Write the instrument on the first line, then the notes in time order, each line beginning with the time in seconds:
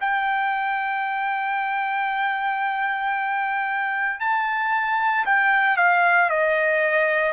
trumpet
0.00 G5
4.20 A5
5.25 G5
5.77 F5
6.29 D#5